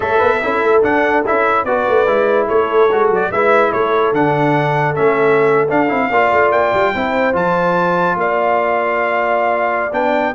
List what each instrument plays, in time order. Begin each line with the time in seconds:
0.00 tuba A3, trombone A4, horn C#5, trumpet E5
0.18 tuba B3, horn B4
0.42 tuba C#4, trombone E4, horn A4
0.62 tuba A3
0.82 trombone D4, tuba D4, trumpet F#5
1.26 tuba C#4, trombone E4, trumpet E5
1.64 tuba B3, trombone F#4, horn B4, trumpet D5
1.88 tuba A3
2.06 tuba G#3, trombone E4
2.46 tuba A3, horn A4, trumpet C#5
2.91 tuba G#3, trombone F#4
3.10 tuba F#3, trumpet D5
3.31 tuba G#3, trombone E4, horn B4, trumpet E5
3.70 tuba A3, horn A4, trumpet C#5
4.12 tuba D3, trombone D4, trumpet F#5
4.95 tuba A3, trombone C#4, trumpet E5
5.68 trombone D4, tuba D4, trumpet F5
5.88 tuba C4, trombone E4
6.10 tuba A#3, trombone F4, horn D5
6.31 tuba A3
6.51 tuba A#3, trumpet G5
6.73 tuba G3
6.94 tuba C4, trombone E4, horn C5
7.32 tuba F3, trombone F4, trumpet A5
8.15 tuba A#3, horn D5, trumpet F5
9.92 tuba B3, trombone D4, trumpet G5